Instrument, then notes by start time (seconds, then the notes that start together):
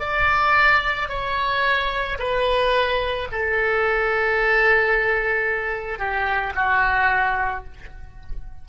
oboe
0.00 D5
1.09 C#5
2.19 B4
3.32 A4
5.99 G4
6.56 F#4